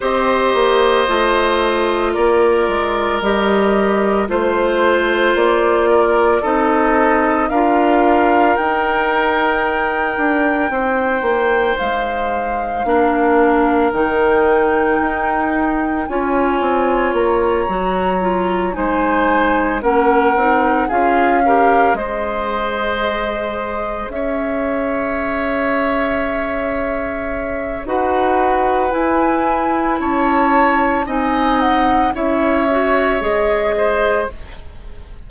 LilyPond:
<<
  \new Staff \with { instrumentName = "flute" } { \time 4/4 \tempo 4 = 56 dis''2 d''4 dis''4 | c''4 d''4 dis''4 f''4 | g''2. f''4~ | f''4 g''2 gis''4 |
ais''4. gis''4 fis''4 f''8~ | f''8 dis''2 e''4.~ | e''2 fis''4 gis''4 | a''4 gis''8 fis''8 e''4 dis''4 | }
  \new Staff \with { instrumentName = "oboe" } { \time 4/4 c''2 ais'2 | c''4. ais'8 a'4 ais'4~ | ais'2 c''2 | ais'2. cis''4~ |
cis''4. c''4 ais'4 gis'8 | ais'8 c''2 cis''4.~ | cis''2 b'2 | cis''4 dis''4 cis''4. c''8 | }
  \new Staff \with { instrumentName = "clarinet" } { \time 4/4 g'4 f'2 g'4 | f'2 dis'4 f'4 | dis'1 | d'4 dis'2 f'4~ |
f'8 fis'8 f'8 dis'4 cis'8 dis'8 f'8 | g'8 gis'2.~ gis'8~ | gis'2 fis'4 e'4~ | e'4 dis'4 e'8 fis'8 gis'4 | }
  \new Staff \with { instrumentName = "bassoon" } { \time 4/4 c'8 ais8 a4 ais8 gis8 g4 | a4 ais4 c'4 d'4 | dis'4. d'8 c'8 ais8 gis4 | ais4 dis4 dis'4 cis'8 c'8 |
ais8 fis4 gis4 ais8 c'8 cis'8~ | cis'8 gis2 cis'4.~ | cis'2 dis'4 e'4 | cis'4 c'4 cis'4 gis4 | }
>>